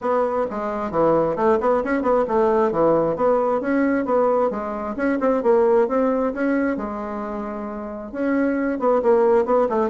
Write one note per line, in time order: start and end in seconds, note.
0.01 0.46 B3
0.50 0.90 G#3
0.90 1.35 E3
1.36 1.58 A3
1.60 1.83 B3
1.84 2.02 C#4
2.02 2.24 B3
2.27 2.71 A3
2.71 3.16 E3
3.16 3.60 B3
3.60 4.05 C#4
4.05 4.50 B3
4.50 4.95 G#3
4.96 5.18 C#4
5.20 5.42 C4
5.42 5.87 A#3
5.87 6.33 C4
6.33 6.76 C#4
6.76 8.12 G#3
8.12 8.79 C#4
8.79 9.01 B3
9.02 9.45 A#3
9.45 9.67 B3
9.69 9.89 A3